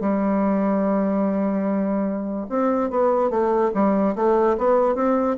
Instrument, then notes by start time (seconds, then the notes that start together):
bassoon
0.00 G3
2.50 C4
2.90 B3
3.30 A3
3.74 G3
4.15 A3
4.58 B3
4.95 C4